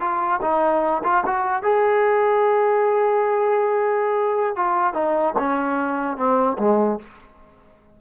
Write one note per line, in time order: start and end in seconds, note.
0.00 0.41 F4
0.42 1.03 D#4
1.04 1.24 F4
1.26 1.63 F#4
1.63 4.56 G#4
4.56 4.94 F4
4.94 5.34 D#4
5.38 6.17 C#4
6.17 6.57 C4
6.58 6.99 G#3